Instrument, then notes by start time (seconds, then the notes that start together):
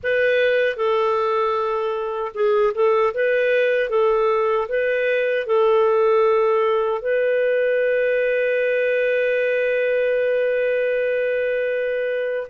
clarinet
0.03 B4
0.76 A4
2.34 G#4
2.74 A4
3.13 B4
3.89 A4
4.68 B4
5.46 A4
7.01 B4